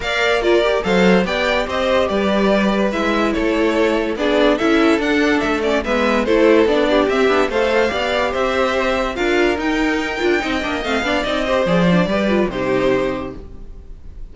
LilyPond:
<<
  \new Staff \with { instrumentName = "violin" } { \time 4/4 \tempo 4 = 144 f''4 d''4 f''4 g''4 | dis''4 d''2 e''4 | cis''2 d''4 e''4 | fis''4 e''8 d''8 e''4 c''4 |
d''4 e''4 f''2 | e''2 f''4 g''4~ | g''2 f''4 dis''4 | d''2 c''2 | }
  \new Staff \with { instrumentName = "violin" } { \time 4/4 d''4 ais'4 c''4 d''4 | c''4 b'2. | a'2 gis'4 a'4~ | a'2 b'4 a'4~ |
a'8 g'4. c''4 d''4 | c''2 ais'2~ | ais'4 dis''4. d''4 c''8~ | c''4 b'4 g'2 | }
  \new Staff \with { instrumentName = "viola" } { \time 4/4 ais'4 f'8 g'8 a'4 g'4~ | g'2. e'4~ | e'2 d'4 e'4 | d'4. cis'8 b4 e'4 |
d'4 c'8 d'8 a'4 g'4~ | g'2 f'4 dis'4~ | dis'8 f'8 dis'8 d'8 c'8 d'8 dis'8 g'8 | gis'8 d'8 g'8 f'8 dis'2 | }
  \new Staff \with { instrumentName = "cello" } { \time 4/4 ais2 fis4 b4 | c'4 g2 gis4 | a2 b4 cis'4 | d'4 a4 gis4 a4 |
b4 c'8 b8 a4 b4 | c'2 d'4 dis'4~ | dis'8 d'8 c'8 ais8 a8 b8 c'4 | f4 g4 c2 | }
>>